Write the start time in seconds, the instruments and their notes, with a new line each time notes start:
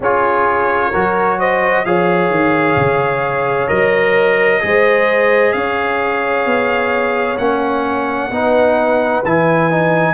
0.00 tuba C#4, trombone F4, horn G#4, trumpet C#5
0.90 tuba F#3, trombone F#4, horn A#4
1.39 horn C5, trumpet D#5
1.85 tuba F3, trombone G#4, horn C#5, trumpet F5
2.30 tuba D#3
2.76 tuba C#3
3.67 tuba F#3, trombone A#4, trumpet D#5
4.60 tuba G#3, trombone G#4, horn C5
5.52 tuba C#4, horn C#5, trumpet F5
6.45 tuba B3
7.37 tuba A#3, trombone C#4, trumpet F#5
8.30 tuba B3, trombone D#4, horn B4
9.23 tuba E3, trombone E4, trumpet G#5
9.70 trombone D#4